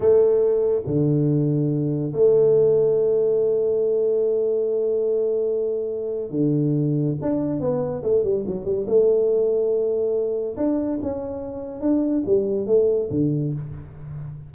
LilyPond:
\new Staff \with { instrumentName = "tuba" } { \time 4/4 \tempo 4 = 142 a2 d2~ | d4 a2.~ | a1~ | a2. d4~ |
d4 d'4 b4 a8 g8 | fis8 g8 a2.~ | a4 d'4 cis'2 | d'4 g4 a4 d4 | }